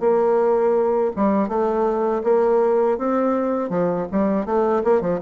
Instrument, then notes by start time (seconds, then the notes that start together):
bassoon
0.00 A#3
1.16 G3
1.48 A3
2.24 A#3
2.98 C4
3.70 F3
4.12 G3
4.46 A3
4.84 A#3
5.01 F3